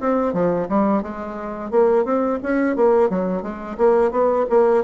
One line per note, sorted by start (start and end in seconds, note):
0.00 0.33 C4
0.33 0.68 F3
0.69 1.02 G3
1.02 1.71 G#3
1.71 2.04 A#3
2.04 2.39 C4
2.43 2.76 C#4
2.76 3.10 A#3
3.10 3.42 F#3
3.42 3.77 G#3
3.77 4.11 A#3
4.11 4.45 B3
4.50 4.84 A#3